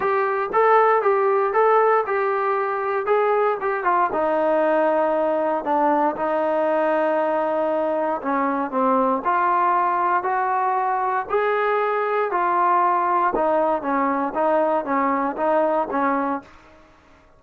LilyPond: \new Staff \with { instrumentName = "trombone" } { \time 4/4 \tempo 4 = 117 g'4 a'4 g'4 a'4 | g'2 gis'4 g'8 f'8 | dis'2. d'4 | dis'1 |
cis'4 c'4 f'2 | fis'2 gis'2 | f'2 dis'4 cis'4 | dis'4 cis'4 dis'4 cis'4 | }